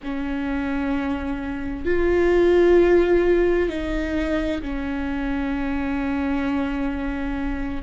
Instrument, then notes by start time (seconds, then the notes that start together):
viola
0.03 C#4
1.85 F4
3.69 D#4
4.62 C#4